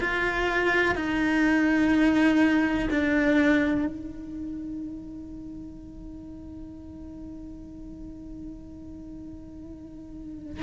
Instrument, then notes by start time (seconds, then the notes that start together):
cello
0.00 F4
0.95 D#4
2.90 D4
3.86 D#4